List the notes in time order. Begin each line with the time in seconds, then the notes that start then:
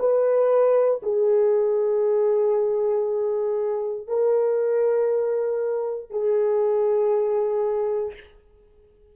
0.00 B4
1.03 G#4
4.08 A#4
6.11 G#4